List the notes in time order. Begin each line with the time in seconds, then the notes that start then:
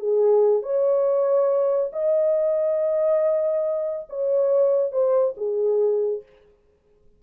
0.00 G#4
0.63 C#5
1.93 D#5
4.10 C#5
4.92 C5
5.37 G#4